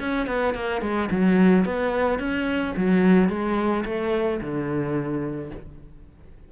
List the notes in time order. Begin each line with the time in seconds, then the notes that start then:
0.00 C#4
0.27 B3
0.54 A#3
0.82 G#3
1.11 F#3
1.65 B3
2.19 C#4
2.77 F#3
3.29 G#3
3.85 A3
4.41 D3